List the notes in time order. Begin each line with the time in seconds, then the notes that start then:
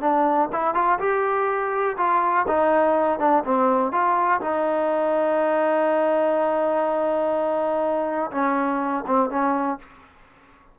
0.00 D4
0.52 E4
0.74 F4
0.99 G4
1.97 F4
2.47 D#4
3.19 D4
3.44 C4
3.91 F4
4.40 D#4
8.31 C#4
9.06 C4
9.30 C#4